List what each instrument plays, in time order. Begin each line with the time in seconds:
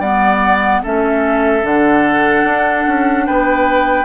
0.00 bassoon G3, clarinet B3, oboe D5, flute F#5
0.83 bassoon A3, clarinet C#4, oboe A4, flute E5
1.62 bassoon D3, clarinet D4, flute F#5
2.44 bassoon D4
2.87 bassoon C#4
3.27 bassoon B3, oboe B4, flute G5